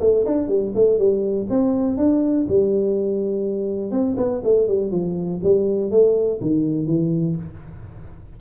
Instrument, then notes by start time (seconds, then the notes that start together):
tuba
0.00 A3
0.25 D4
0.48 G3
0.74 A3
0.98 G3
1.49 C4
1.97 D4
2.48 G3
3.91 C4
4.16 B3
4.44 A3
4.67 G3
4.91 F3
5.43 G3
5.91 A3
6.41 D#3
6.86 E3